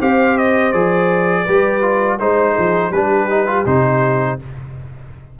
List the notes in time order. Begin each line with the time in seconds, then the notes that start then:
0.00 C4 G4 C5 F5
0.37 D#5
0.72 F3 G#4 D5
1.43 G3 G4 B4
1.81 F4
2.19 G#3 D#4 C5
2.53 F3 G#4
2.90 G3 D4 G4 B4
3.29 D#4
3.46 F4
3.65 C3 D#4 C5